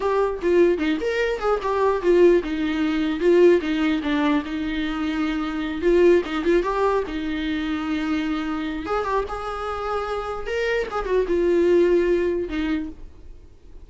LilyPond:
\new Staff \with { instrumentName = "viola" } { \time 4/4 \tempo 4 = 149 g'4 f'4 dis'8 ais'4 gis'8 | g'4 f'4 dis'2 | f'4 dis'4 d'4 dis'4~ | dis'2~ dis'8 f'4 dis'8 |
f'8 g'4 dis'2~ dis'8~ | dis'2 gis'8 g'8 gis'4~ | gis'2 ais'4 gis'8 fis'8 | f'2. dis'4 | }